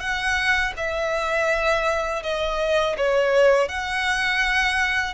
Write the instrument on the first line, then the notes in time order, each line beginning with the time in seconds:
violin
0.00 F#5
0.77 E5
2.23 D#5
2.97 C#5
3.68 F#5